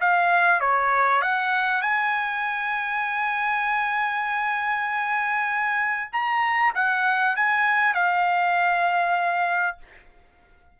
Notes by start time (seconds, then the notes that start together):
0.00 F5
0.60 C#5
1.21 F#5
1.81 G#5
6.12 A#5
6.74 F#5
7.36 G#5
7.94 F5